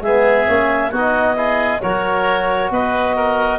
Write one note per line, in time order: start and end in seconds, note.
0.00 0.45 G#3
0.00 0.47 B3
0.00 0.91 G#4
0.00 0.92 E5
0.47 0.92 A#3
0.47 0.92 C#4
0.91 1.81 B3
0.91 1.35 D#4
0.91 1.36 F#4
0.91 1.81 D#5
1.35 1.80 E4
1.35 1.82 G#4
1.81 2.71 F#3
1.81 3.59 F#4
1.81 2.72 A#4
1.81 2.70 C#5
2.71 3.59 B3
2.71 3.16 B4
2.71 3.59 D#5
3.16 3.59 A#4